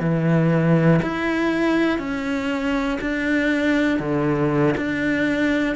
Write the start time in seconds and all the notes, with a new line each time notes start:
0.00 E3
1.02 E4
1.98 C#4
3.00 D4
3.99 D3
4.77 D4